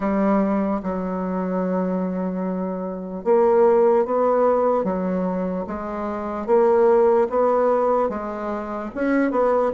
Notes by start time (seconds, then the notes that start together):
0.00 G3
0.82 F#3
3.24 A#3
4.05 B3
4.84 F#3
5.66 G#3
6.46 A#3
7.29 B3
8.09 G#3
8.94 C#4
9.31 B3